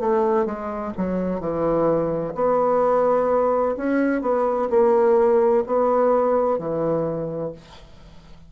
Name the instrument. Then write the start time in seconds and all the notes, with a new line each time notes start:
bassoon
0.00 A3
0.46 G#3
0.98 F#3
1.41 E3
2.35 B3
3.78 C#4
4.22 B3
4.70 A#3
5.67 B3
6.59 E3